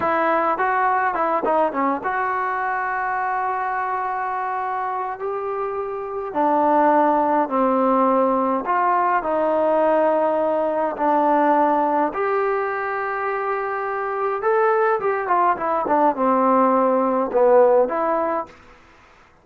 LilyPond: \new Staff \with { instrumentName = "trombone" } { \time 4/4 \tempo 4 = 104 e'4 fis'4 e'8 dis'8 cis'8 fis'8~ | fis'1~ | fis'4 g'2 d'4~ | d'4 c'2 f'4 |
dis'2. d'4~ | d'4 g'2.~ | g'4 a'4 g'8 f'8 e'8 d'8 | c'2 b4 e'4 | }